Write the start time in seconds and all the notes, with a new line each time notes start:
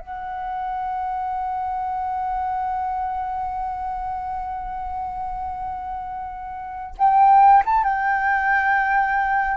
0.00 F#5
6.98 G5
7.66 A5
7.84 G5